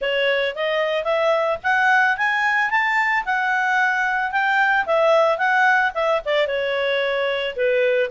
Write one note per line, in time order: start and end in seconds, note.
0.01 0.55 C#5
0.55 1.04 D#5
1.04 1.58 E5
1.63 2.17 F#5
2.17 2.70 G#5
2.70 3.24 A5
3.25 4.31 F#5
4.31 4.85 G5
4.86 5.38 E5
5.38 5.92 F#5
5.94 6.21 E5
6.25 6.47 D5
6.47 7.55 C#5
7.55 8.09 B4